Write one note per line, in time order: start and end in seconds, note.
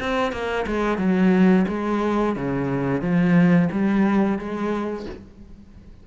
0.00 0.32 C4
0.32 0.66 A#3
0.67 0.98 G#3
0.98 1.66 F#3
1.69 2.36 G#3
2.36 3.02 C#3
3.02 3.69 F3
3.72 4.39 G3
4.39 5.06 G#3